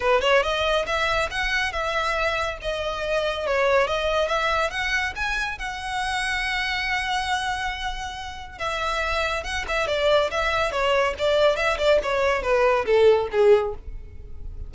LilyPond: \new Staff \with { instrumentName = "violin" } { \time 4/4 \tempo 4 = 140 b'8 cis''8 dis''4 e''4 fis''4 | e''2 dis''2 | cis''4 dis''4 e''4 fis''4 | gis''4 fis''2.~ |
fis''1 | e''2 fis''8 e''8 d''4 | e''4 cis''4 d''4 e''8 d''8 | cis''4 b'4 a'4 gis'4 | }